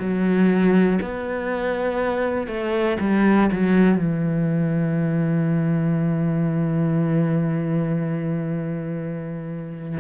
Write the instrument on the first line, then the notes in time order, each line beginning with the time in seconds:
cello
0.00 F#3
1.02 B3
2.48 A3
3.01 G3
3.52 F#3
3.99 E3